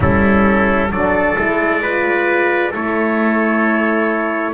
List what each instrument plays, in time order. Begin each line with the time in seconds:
0.00 double bass G3, horn C#4, trumpet E4 A4
0.90 double bass F#3, horn D4, trumpet A4 D5
1.36 double bass G#3, horn E4
1.82 horn F4, trumpet B4
2.71 double bass A3, horn E4, trumpet A4 C#5